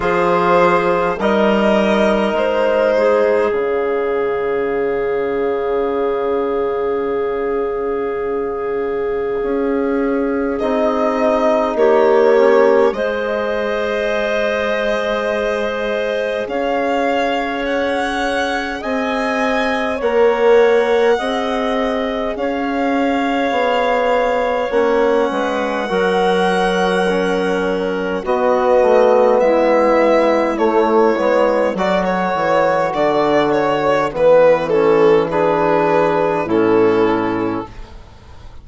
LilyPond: <<
  \new Staff \with { instrumentName = "violin" } { \time 4/4 \tempo 4 = 51 c''4 dis''4 c''4 f''4~ | f''1~ | f''4 dis''4 cis''4 dis''4~ | dis''2 f''4 fis''4 |
gis''4 fis''2 f''4~ | f''4 fis''2. | dis''4 e''4 cis''4 d''16 cis''8. | d''8 cis''8 b'8 a'8 b'4 a'4 | }
  \new Staff \with { instrumentName = "clarinet" } { \time 4/4 gis'4 ais'4. gis'4.~ | gis'1~ | gis'2 g'4 c''4~ | c''2 cis''2 |
dis''4 cis''4 dis''4 cis''4~ | cis''4. b'8 ais'2 | fis'4 e'2 a'4~ | a'2 gis'4 e'4 | }
  \new Staff \with { instrumentName = "trombone" } { \time 4/4 f'4 dis'2 cis'4~ | cis'1~ | cis'4 dis'4. cis'8 gis'4~ | gis'1~ |
gis'4 ais'4 gis'2~ | gis'4 cis'4 fis'4 cis'4 | b2 a8 b8 fis'4~ | fis'4 b8 cis'8 d'4 cis'4 | }
  \new Staff \with { instrumentName = "bassoon" } { \time 4/4 f4 g4 gis4 cis4~ | cis1 | cis'4 c'4 ais4 gis4~ | gis2 cis'2 |
c'4 ais4 c'4 cis'4 | b4 ais8 gis8 fis2 | b8 a8 gis4 a8 gis8 fis8 e8 | d4 e2 a,4 | }
>>